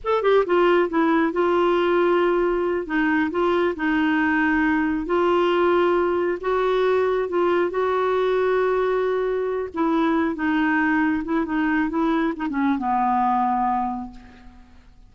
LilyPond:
\new Staff \with { instrumentName = "clarinet" } { \time 4/4 \tempo 4 = 136 a'8 g'8 f'4 e'4 f'4~ | f'2~ f'8 dis'4 f'8~ | f'8 dis'2. f'8~ | f'2~ f'8 fis'4.~ |
fis'8 f'4 fis'2~ fis'8~ | fis'2 e'4. dis'8~ | dis'4. e'8 dis'4 e'4 | dis'16 cis'8. b2. | }